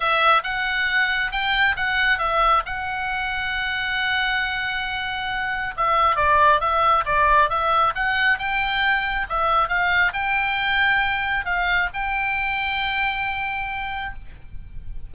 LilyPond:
\new Staff \with { instrumentName = "oboe" } { \time 4/4 \tempo 4 = 136 e''4 fis''2 g''4 | fis''4 e''4 fis''2~ | fis''1~ | fis''4 e''4 d''4 e''4 |
d''4 e''4 fis''4 g''4~ | g''4 e''4 f''4 g''4~ | g''2 f''4 g''4~ | g''1 | }